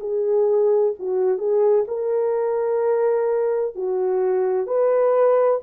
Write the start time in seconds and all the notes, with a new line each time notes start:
0.00 G#4
0.99 F#4
1.38 G#4
1.88 A#4
3.75 F#4
4.67 B4